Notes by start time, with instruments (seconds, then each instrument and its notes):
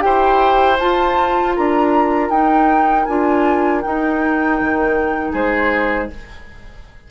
0.00 bassoon E4, clarinet G4, oboe C5, flute G5
0.78 bassoon F4, clarinet F4, flute A5
1.56 bassoon D4, oboe A#4, flute A#5
2.29 bassoon D#4, clarinet D#4, flute G5
3.05 bassoon D4, clarinet F4, flute G#5
3.81 clarinet D#4, bassoon D#4, flute G5
4.61 bassoon D#3
5.31 bassoon G#3, oboe G#4, flute C5